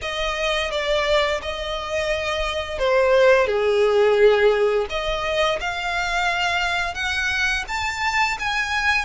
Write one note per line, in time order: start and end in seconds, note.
0.01 0.71 D#5
0.71 1.40 D5
1.41 2.78 D#5
2.78 3.46 C5
3.46 4.86 G#4
4.89 5.59 D#5
5.60 6.94 F5
6.94 7.64 F#5
7.67 8.37 A5
8.39 9.05 G#5